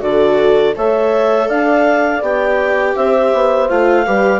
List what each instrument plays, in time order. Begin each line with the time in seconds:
0.00 bassoon D3, viola F#4, horn A4, clarinet D5
0.76 bassoon A3, viola A4, horn C#5, clarinet E5
1.49 bassoon D4, horn D5, clarinet F5
2.22 bassoon B3, viola G4, clarinet G5
2.96 bassoon C4, horn C5, clarinet E5
3.33 bassoon B3
3.68 bassoon A3, viola F4, clarinet F5
4.06 bassoon G3, viola G4, horn B4